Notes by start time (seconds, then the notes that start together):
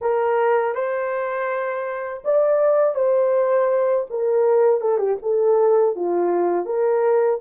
0.01 A#4
0.74 C5
2.24 D5
2.95 C5
4.09 A#4
4.80 A4
4.98 G4
5.22 A4
5.95 F4
6.65 A#4